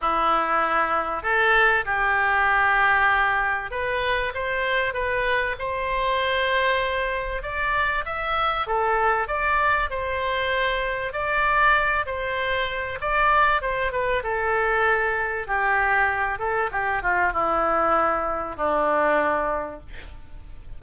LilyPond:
\new Staff \with { instrumentName = "oboe" } { \time 4/4 \tempo 4 = 97 e'2 a'4 g'4~ | g'2 b'4 c''4 | b'4 c''2. | d''4 e''4 a'4 d''4 |
c''2 d''4. c''8~ | c''4 d''4 c''8 b'8 a'4~ | a'4 g'4. a'8 g'8 f'8 | e'2 d'2 | }